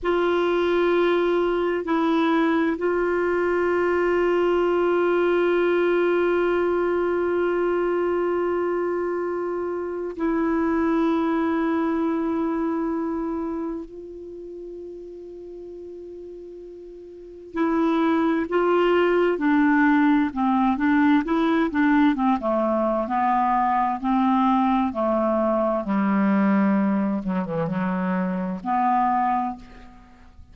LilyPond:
\new Staff \with { instrumentName = "clarinet" } { \time 4/4 \tempo 4 = 65 f'2 e'4 f'4~ | f'1~ | f'2. e'4~ | e'2. f'4~ |
f'2. e'4 | f'4 d'4 c'8 d'8 e'8 d'8 | c'16 a8. b4 c'4 a4 | g4. fis16 e16 fis4 b4 | }